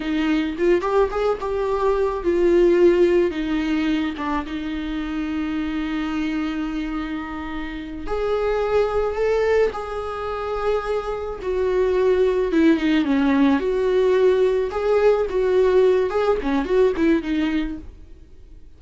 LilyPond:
\new Staff \with { instrumentName = "viola" } { \time 4/4 \tempo 4 = 108 dis'4 f'8 g'8 gis'8 g'4. | f'2 dis'4. d'8 | dis'1~ | dis'2~ dis'8 gis'4.~ |
gis'8 a'4 gis'2~ gis'8~ | gis'8 fis'2 e'8 dis'8 cis'8~ | cis'8 fis'2 gis'4 fis'8~ | fis'4 gis'8 cis'8 fis'8 e'8 dis'4 | }